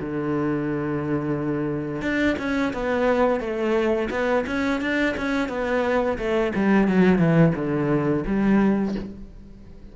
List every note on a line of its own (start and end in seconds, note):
0.00 2.02 D3
2.02 2.36 D4
2.38 2.73 C#4
2.73 3.40 B3
3.40 4.09 A3
4.10 4.45 B3
4.46 4.81 C#4
4.81 5.15 D4
5.17 5.49 C#4
5.49 6.18 B3
6.18 6.53 A3
6.55 6.87 G3
6.87 7.18 F#3
7.18 7.53 E3
7.55 8.24 D3
8.26 8.95 G3